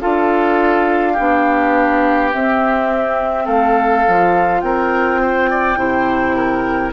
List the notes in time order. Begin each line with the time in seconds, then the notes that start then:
0.00 D4 F4 A4 F5
1.12 D4 G4
1.18 B3
2.31 C4 E5
3.45 A3 A4 F5
4.06 F3 F4
4.60 C4 A#4 G5
5.21 C5
5.50 D5
5.76 C3 E4 C5
6.36 A#4